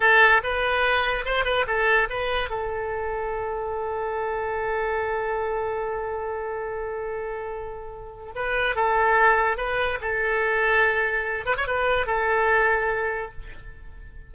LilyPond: \new Staff \with { instrumentName = "oboe" } { \time 4/4 \tempo 4 = 144 a'4 b'2 c''8 b'8 | a'4 b'4 a'2~ | a'1~ | a'1~ |
a'1 | b'4 a'2 b'4 | a'2.~ a'8 b'16 cis''16 | b'4 a'2. | }